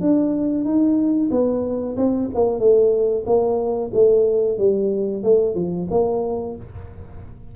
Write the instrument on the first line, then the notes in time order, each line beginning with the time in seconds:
tuba
0.00 D4
0.64 D#4
1.30 B3
1.97 C4
2.34 A#3
2.59 A3
3.26 A#3
3.93 A3
4.58 G3
5.23 A3
5.55 F3
5.90 A#3